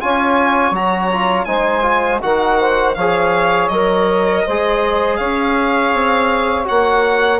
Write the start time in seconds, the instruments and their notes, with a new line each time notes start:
0.00 bassoon C#4, trombone F4, saxophone C#5, violin G#5
0.71 bassoon F#3, trombone F#4, violin A#5
1.11 trombone F4
1.44 bassoon G#3, trombone D#4, saxophone C5, violin G#5
1.82 trombone F4
2.21 bassoon D#3, trombone F#4, saxophone A#4, violin F#5
2.59 saxophone C5
2.94 bassoon F3, trombone G#4, saxophone C#5, violin F5
3.68 bassoon F#3, trombone A#4, violin D#5
4.44 bassoon G#3, trombone G#4, saxophone C5
5.16 bassoon C#4, saxophone C#5, violin F5
5.93 bassoon C4
6.64 bassoon A#3, trombone F#4, violin F#5